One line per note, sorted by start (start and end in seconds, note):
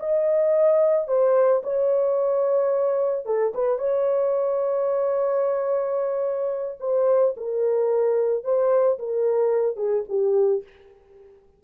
0.00 1.08 D#5
1.08 1.63 C5
1.64 3.26 C#5
3.26 3.53 A4
3.55 3.79 B4
3.79 6.79 C#5
6.81 7.35 C5
7.38 8.44 A#4
8.44 8.99 C5
8.99 9.77 A#4
9.77 10.04 G#4
10.09 10.64 G4